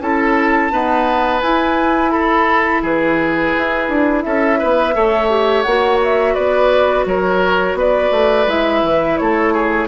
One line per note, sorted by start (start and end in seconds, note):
0.00 0.71 C#4
0.00 0.71 E4
0.00 0.72 A4
0.00 1.41 A5
0.71 1.42 B3
0.71 1.42 D#4
0.71 2.11 B4
1.41 2.83 E4
1.41 4.94 E4
1.41 2.10 G#5
2.10 2.82 A4
2.10 2.81 B5
2.82 3.53 E3
2.82 4.23 G#4
2.82 4.22 B4
3.57 3.89 E4
3.89 4.24 D4
4.22 4.61 C#4
4.22 4.59 A4
4.22 5.62 E5
4.59 4.95 B3
4.59 4.94 B4
4.94 5.66 A3
4.94 5.29 A4
4.94 6.34 C#5
5.29 5.65 G4
5.62 6.36 A#3
5.62 8.48 F#4
5.62 5.97 F#5
6.03 6.34 E5
6.34 7.06 B3
6.34 7.04 B4
6.34 7.05 D5
7.06 7.74 F#3
7.06 7.78 A#4
7.06 7.78 C#5
7.74 8.09 B3
7.74 9.19 B4
7.74 8.49 D5
8.11 8.46 A3
8.47 8.82 G#3
8.47 9.88 E4
8.47 9.17 E5
8.82 9.18 E3
9.17 9.88 A3
9.17 9.53 A4
9.17 9.88 C#5
9.53 9.88 G#4